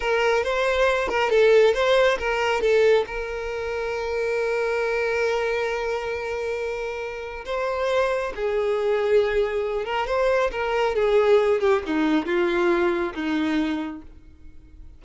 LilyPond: \new Staff \with { instrumentName = "violin" } { \time 4/4 \tempo 4 = 137 ais'4 c''4. ais'8 a'4 | c''4 ais'4 a'4 ais'4~ | ais'1~ | ais'1~ |
ais'4 c''2 gis'4~ | gis'2~ gis'8 ais'8 c''4 | ais'4 gis'4. g'8 dis'4 | f'2 dis'2 | }